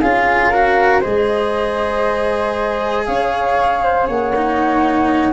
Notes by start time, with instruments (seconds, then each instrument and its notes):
0.00 tuba C#4, cello F4, flute G#4 F5
0.49 cello F#4, flute A#4
1.00 tuba G#3, cello G#4, flute C5 D#5
3.05 tuba C#4, flute C#5 F5
3.83 flute C5
4.06 tuba A#3, flute C#5 F#5
4.35 cello D#4